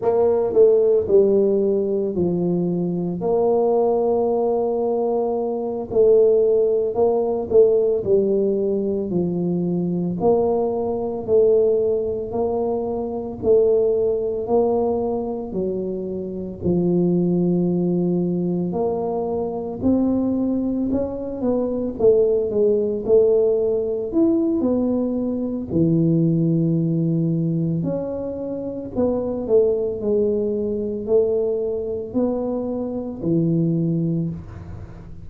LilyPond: \new Staff \with { instrumentName = "tuba" } { \time 4/4 \tempo 4 = 56 ais8 a8 g4 f4 ais4~ | ais4. a4 ais8 a8 g8~ | g8 f4 ais4 a4 ais8~ | ais8 a4 ais4 fis4 f8~ |
f4. ais4 c'4 cis'8 | b8 a8 gis8 a4 e'8 b4 | e2 cis'4 b8 a8 | gis4 a4 b4 e4 | }